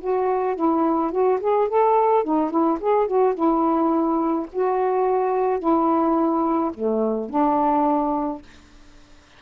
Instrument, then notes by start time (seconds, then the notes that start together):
saxophone
0.00 F#4
0.56 E4
1.11 F#4
1.40 G#4
1.68 A4
2.24 D#4
2.50 E4
2.80 G#4
3.07 F#4
3.34 E4
4.52 F#4
5.59 E4
6.74 A3
7.29 D4